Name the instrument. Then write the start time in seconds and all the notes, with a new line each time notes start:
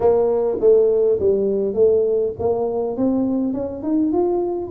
tuba
0.00 A#3
0.60 A3
1.19 G3
1.74 A3
2.39 A#3
2.96 C4
3.53 C#4
3.83 D#4
4.12 F4